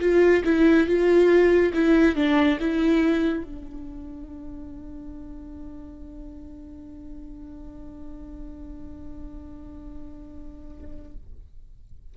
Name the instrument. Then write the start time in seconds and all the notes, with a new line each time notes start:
viola
0.00 F4
0.44 E4
0.87 F4
1.73 E4
2.15 D4
2.60 E4
3.43 D4